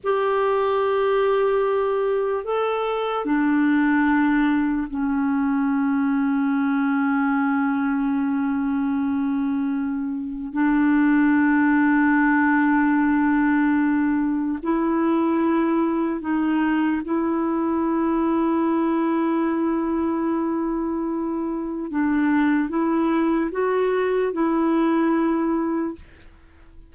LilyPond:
\new Staff \with { instrumentName = "clarinet" } { \time 4/4 \tempo 4 = 74 g'2. a'4 | d'2 cis'2~ | cis'1~ | cis'4 d'2.~ |
d'2 e'2 | dis'4 e'2.~ | e'2. d'4 | e'4 fis'4 e'2 | }